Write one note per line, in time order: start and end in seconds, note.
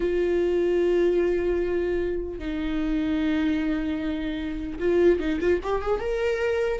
0.00 2.39 F4
2.39 4.79 D#4
4.79 5.19 F4
5.19 5.39 D#4
5.39 5.59 F4
5.63 5.82 G4
5.82 6.00 G#4
6.00 6.80 A#4